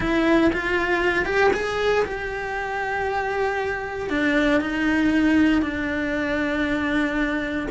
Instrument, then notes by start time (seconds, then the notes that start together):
cello
0.00 E4
0.53 F4
1.25 G4
1.53 G#4
2.05 G4
4.09 D4
4.61 D#4
5.62 D4